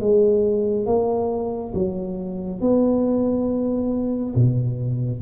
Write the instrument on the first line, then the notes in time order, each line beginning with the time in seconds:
tuba
0.00 G#3
0.86 A#3
1.74 F#3
2.61 B3
4.35 B2